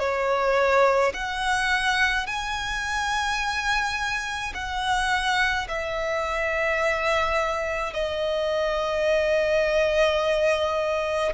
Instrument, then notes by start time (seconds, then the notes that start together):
violin
0.00 C#5
1.14 F#5
2.27 G#5
4.54 F#5
5.69 E5
7.94 D#5